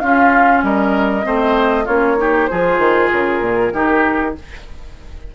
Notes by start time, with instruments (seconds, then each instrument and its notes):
0.00 clarinet C#4, bassoon C#4, oboe F4, flute F5
0.63 bassoon G3, oboe A#4, flute D#5
1.23 bassoon A3, clarinet C4, oboe C5
1.85 bassoon A#3, clarinet C#4, oboe F4, flute C#5
2.17 clarinet D#4, oboe G4
2.47 bassoon F3, clarinet F4, oboe G#4, flute C5
2.78 bassoon D#3
3.12 bassoon C#3, flute A#4
3.41 bassoon A#2
3.73 bassoon D#3, clarinet D#4, oboe G4